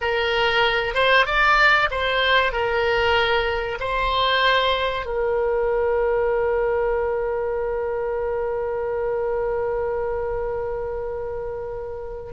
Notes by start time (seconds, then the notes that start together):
0.01 A#4
0.94 C5
1.26 D5
1.90 C5
2.52 A#4
3.80 C5
5.05 A#4